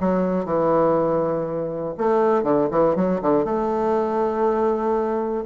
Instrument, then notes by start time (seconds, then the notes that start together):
bassoon
0.00 F#3
0.45 E3
1.98 A3
2.43 D3
2.71 E3
2.96 F#3
3.22 D3
3.45 A3